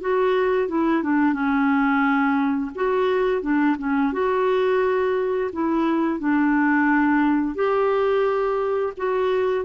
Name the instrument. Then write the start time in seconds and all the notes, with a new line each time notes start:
clarinet
0.00 F#4
0.68 E4
1.03 D4
1.33 C#4
2.75 F#4
3.41 D4
3.78 C#4
4.13 F#4
5.52 E4
6.19 D4
7.55 G4
8.97 F#4